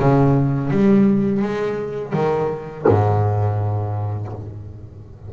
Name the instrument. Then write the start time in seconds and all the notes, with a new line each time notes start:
double bass
0.00 C#3
0.71 G3
1.43 G#3
2.14 D#3
2.88 G#2